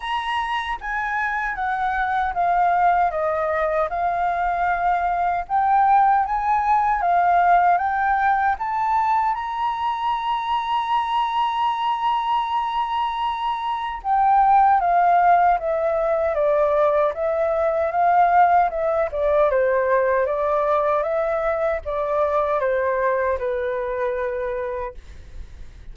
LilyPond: \new Staff \with { instrumentName = "flute" } { \time 4/4 \tempo 4 = 77 ais''4 gis''4 fis''4 f''4 | dis''4 f''2 g''4 | gis''4 f''4 g''4 a''4 | ais''1~ |
ais''2 g''4 f''4 | e''4 d''4 e''4 f''4 | e''8 d''8 c''4 d''4 e''4 | d''4 c''4 b'2 | }